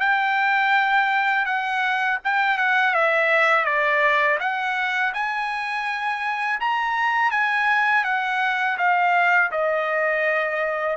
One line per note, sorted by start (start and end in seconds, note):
0.00 1.46 G5
1.46 2.19 F#5
2.25 2.58 G5
2.58 2.94 F#5
2.94 3.65 E5
3.65 4.38 D5
4.40 5.13 F#5
5.14 6.60 G#5
6.60 7.31 A#5
7.31 8.04 G#5
8.04 8.77 F#5
8.78 9.51 F5
9.52 10.97 D#5